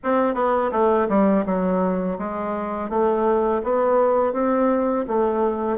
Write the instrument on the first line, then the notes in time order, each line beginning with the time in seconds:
bassoon
0.03 C4
0.34 B3
0.71 A3
1.08 G3
1.45 F#3
2.18 G#3
2.89 A3
3.63 B3
4.32 C4
5.07 A3